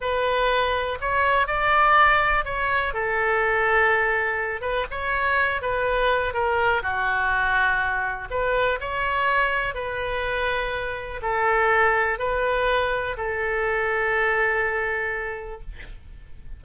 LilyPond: \new Staff \with { instrumentName = "oboe" } { \time 4/4 \tempo 4 = 123 b'2 cis''4 d''4~ | d''4 cis''4 a'2~ | a'4. b'8 cis''4. b'8~ | b'4 ais'4 fis'2~ |
fis'4 b'4 cis''2 | b'2. a'4~ | a'4 b'2 a'4~ | a'1 | }